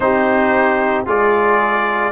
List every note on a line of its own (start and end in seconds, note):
0.00 1.06 C4
0.00 1.06 D#4
0.00 1.06 G4
0.00 1.04 C5
1.06 2.12 G#3
1.06 2.12 F4
1.06 2.12 G#4
1.06 2.12 D5